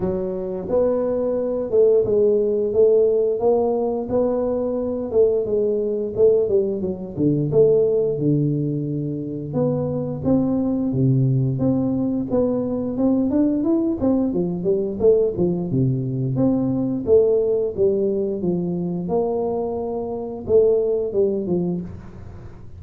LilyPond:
\new Staff \with { instrumentName = "tuba" } { \time 4/4 \tempo 4 = 88 fis4 b4. a8 gis4 | a4 ais4 b4. a8 | gis4 a8 g8 fis8 d8 a4 | d2 b4 c'4 |
c4 c'4 b4 c'8 d'8 | e'8 c'8 f8 g8 a8 f8 c4 | c'4 a4 g4 f4 | ais2 a4 g8 f8 | }